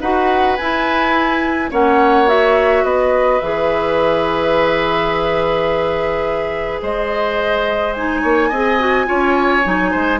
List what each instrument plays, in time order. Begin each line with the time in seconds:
0.00 bassoon D#4, clarinet F#4, oboe B4, flute F#5
0.56 bassoon E4, clarinet E4, flute G#5
1.70 bassoon A#3, clarinet C#4, oboe C#5, flute F#5
2.26 clarinet F#4, flute E5
2.83 bassoon B3, oboe B4, flute D#5
3.40 bassoon E3, clarinet G#4, flute E5
6.82 bassoon G#3, oboe C5, flute D#5
7.93 clarinet D#4, flute G#5
8.21 bassoon A#3, oboe C#5
8.49 bassoon C4, clarinet G#4, oboe D#5
8.79 clarinet F#4
9.05 bassoon C#4, clarinet F4, oboe C#5
9.63 bassoon F#3, clarinet D#4
9.91 bassoon G#3, oboe C5